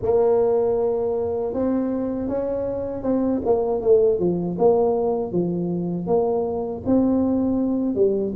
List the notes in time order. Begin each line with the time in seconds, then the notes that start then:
0.02 A#3
1.53 C4
2.28 C#4
3.02 C4
3.45 A#3
3.81 A3
4.19 F3
4.58 A#3
5.32 F3
6.07 A#3
6.86 C4
7.95 G3